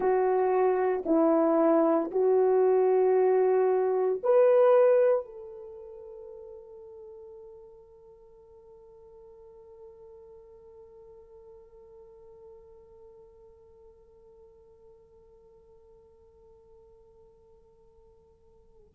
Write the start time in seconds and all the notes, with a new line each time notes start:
0.00 F#4
1.05 E4
2.11 F#4
4.23 B4
5.25 A4